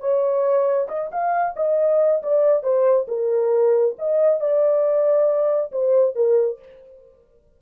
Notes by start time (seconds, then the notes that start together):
0.00 C#5
0.89 D#5
1.12 F5
1.57 D#5
2.23 D5
2.63 C5
3.08 A#4
3.99 D#5
4.40 D5
5.72 C5
6.16 A#4